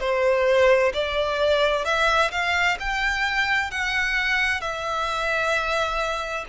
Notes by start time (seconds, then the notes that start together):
0.00 C5
0.94 D5
1.85 E5
2.31 F5
2.80 G5
3.71 F#5
4.61 E5